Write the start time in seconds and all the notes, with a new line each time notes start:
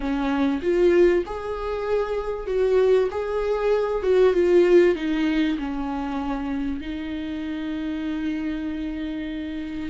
0.00 C#4
0.62 F4
1.26 G#4
2.46 F#4
3.11 G#4
4.02 F#4
4.33 F4
4.95 D#4
5.58 C#4
6.80 D#4